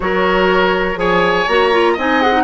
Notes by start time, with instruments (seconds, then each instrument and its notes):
0.00 bassoon F#3, clarinet F#4, oboe A#4, flute C#5
0.95 bassoon F3, clarinet G#4, oboe C#5, flute G#5
1.47 bassoon A#3, clarinet F#4, flute A#5
1.71 clarinet F4
1.93 bassoon C4, clarinet D#4, oboe D#5, flute G#5
2.21 clarinet G#4, flute F#5
2.32 clarinet D#4